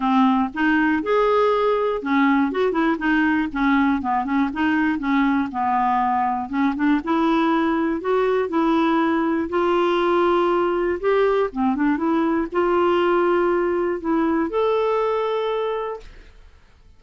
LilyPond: \new Staff \with { instrumentName = "clarinet" } { \time 4/4 \tempo 4 = 120 c'4 dis'4 gis'2 | cis'4 fis'8 e'8 dis'4 cis'4 | b8 cis'8 dis'4 cis'4 b4~ | b4 cis'8 d'8 e'2 |
fis'4 e'2 f'4~ | f'2 g'4 c'8 d'8 | e'4 f'2. | e'4 a'2. | }